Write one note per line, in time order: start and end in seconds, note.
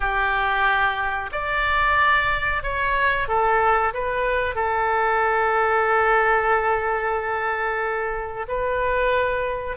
0.00 1.30 G4
1.32 2.62 D5
2.63 3.28 C#5
3.28 3.93 A4
3.93 4.55 B4
4.55 8.46 A4
8.48 9.77 B4